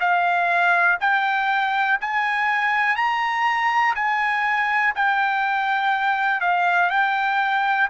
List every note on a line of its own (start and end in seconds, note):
0.00 0.98 F5
1.00 1.99 G5
2.01 2.96 G#5
2.96 3.95 A#5
3.95 4.94 G#5
4.95 6.41 G5
6.41 6.90 F5
6.90 7.89 G5